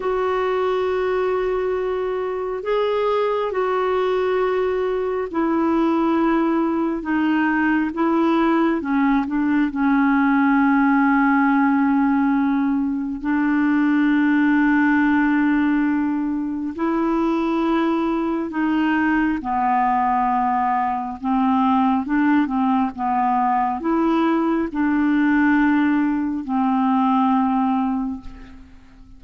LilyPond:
\new Staff \with { instrumentName = "clarinet" } { \time 4/4 \tempo 4 = 68 fis'2. gis'4 | fis'2 e'2 | dis'4 e'4 cis'8 d'8 cis'4~ | cis'2. d'4~ |
d'2. e'4~ | e'4 dis'4 b2 | c'4 d'8 c'8 b4 e'4 | d'2 c'2 | }